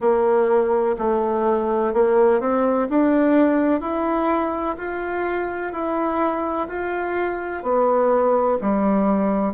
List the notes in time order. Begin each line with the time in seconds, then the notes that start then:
0.00 A#3
0.98 A3
1.93 A#3
2.40 C4
2.89 D4
3.81 E4
4.77 F4
5.72 E4
6.68 F4
7.62 B3
8.61 G3